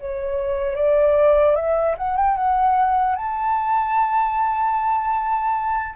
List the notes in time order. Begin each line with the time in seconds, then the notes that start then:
0.00 C#5
0.76 D5
1.56 E5
1.97 F#5
2.17 G5
2.37 F#5
3.16 A5